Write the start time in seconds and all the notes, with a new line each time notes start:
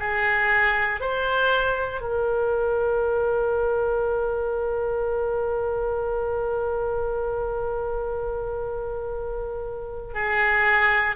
0.00 G#4
1.01 C5
2.01 A#4
10.14 G#4